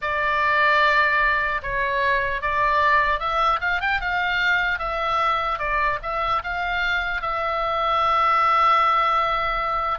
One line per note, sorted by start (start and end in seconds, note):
0.01 1.61 D5
1.62 2.41 C#5
2.41 3.19 D5
3.19 3.59 E5
3.60 3.80 F5
3.80 4.00 G5
4.00 4.79 F5
4.79 5.59 E5
5.59 5.99 D5
6.02 6.42 E5
6.43 7.21 F5
7.21 9.99 E5